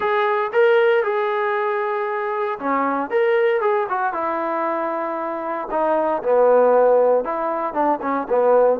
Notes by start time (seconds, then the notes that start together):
0.00 G#4
0.52 A#4
1.03 G#4
2.59 C#4
3.10 A#4
3.61 G#4
3.89 F#4
4.13 E4
5.70 D#4
6.22 B3
7.24 E4
7.73 D4
8.01 C#4
8.29 B3